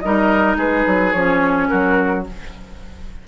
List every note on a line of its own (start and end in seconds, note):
0.00 0.57 G3
0.00 1.15 D#4
0.00 0.57 A#4
0.00 0.56 D#5
0.57 0.84 G#3
0.57 1.68 G#4
0.57 1.12 B4
0.86 1.14 F#3
1.12 1.69 F3
1.12 2.26 C#4
1.12 1.67 C#5
1.68 2.27 F#3
1.68 2.25 F#4
1.68 2.23 A#4